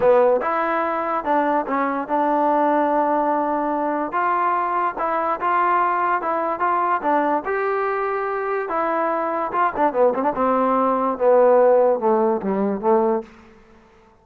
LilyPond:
\new Staff \with { instrumentName = "trombone" } { \time 4/4 \tempo 4 = 145 b4 e'2 d'4 | cis'4 d'2.~ | d'2 f'2 | e'4 f'2 e'4 |
f'4 d'4 g'2~ | g'4 e'2 f'8 d'8 | b8 c'16 d'16 c'2 b4~ | b4 a4 g4 a4 | }